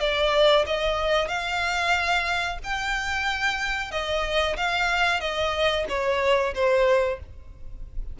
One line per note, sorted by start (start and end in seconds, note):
0.00 0.65 D5
0.66 1.28 D#5
1.28 2.58 F5
2.64 3.91 G5
3.91 4.57 D#5
4.57 5.20 F5
5.20 5.85 D#5
5.89 6.54 C#5
6.54 7.19 C5